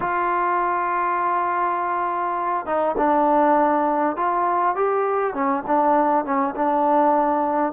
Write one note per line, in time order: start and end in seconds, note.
0.00 2.65 F4
2.65 2.95 D#4
2.97 4.16 D4
4.16 4.75 F4
4.75 5.34 G4
5.34 5.63 C#4
5.67 6.24 D4
6.24 6.54 C#4
6.55 7.72 D4